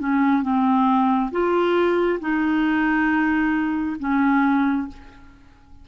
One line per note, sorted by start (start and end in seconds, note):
0.00 0.43 C#4
0.43 1.31 C4
1.32 2.20 F4
2.21 3.97 D#4
4.00 4.88 C#4